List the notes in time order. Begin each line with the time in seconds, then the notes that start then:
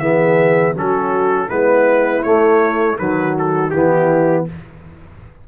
0.00 E3 B3 G#4 E5
0.75 F#3 C#4 F#4 A4
1.49 G#3 B3 E4 B4
2.23 A3 C#5
2.99 D#3 F#3 F#4 B4
3.39 A4
3.71 E3 B3 E4 G4